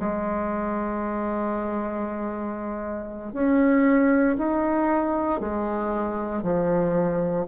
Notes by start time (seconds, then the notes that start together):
0.00 G#3
3.33 C#4
4.38 D#4
5.41 G#3
6.43 F3